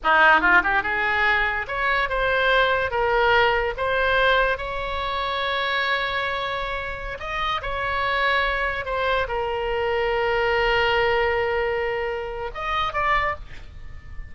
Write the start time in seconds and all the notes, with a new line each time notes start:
0.03 D#4
0.40 F4
0.63 G4
0.83 G#4
1.67 C#5
2.09 C5
2.90 A#4
3.77 C5
4.57 C#5
7.19 D#5
7.62 C#5
8.85 C5
9.27 A#4
12.54 D#5
12.93 D5